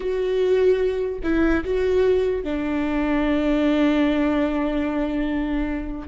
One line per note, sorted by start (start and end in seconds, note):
0.00 1.19 F#4
1.23 1.64 E4
1.64 2.43 F#4
2.43 6.08 D4